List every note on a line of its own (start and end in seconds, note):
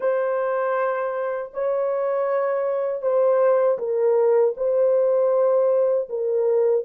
0.00 1.51 C5
1.53 3.02 C#5
3.02 3.78 C5
3.78 4.54 A#4
4.56 6.08 C5
6.09 6.85 A#4